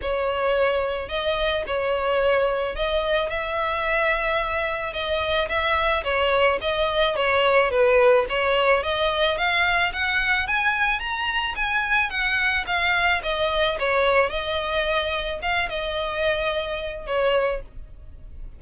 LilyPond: \new Staff \with { instrumentName = "violin" } { \time 4/4 \tempo 4 = 109 cis''2 dis''4 cis''4~ | cis''4 dis''4 e''2~ | e''4 dis''4 e''4 cis''4 | dis''4 cis''4 b'4 cis''4 |
dis''4 f''4 fis''4 gis''4 | ais''4 gis''4 fis''4 f''4 | dis''4 cis''4 dis''2 | f''8 dis''2~ dis''8 cis''4 | }